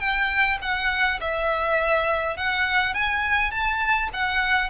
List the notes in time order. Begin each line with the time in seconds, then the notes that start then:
0.00 G5
0.62 F#5
1.20 E5
2.37 F#5
2.94 G#5
3.51 A5
4.14 F#5